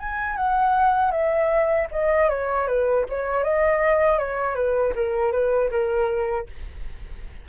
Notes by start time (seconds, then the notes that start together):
0.00 G#5
0.37 F#5
1.12 E5
1.92 D#5
2.30 C#5
2.68 B4
3.10 C#5
3.44 D#5
4.19 C#5
4.56 B4
4.96 A#4
5.33 B4
5.71 A#4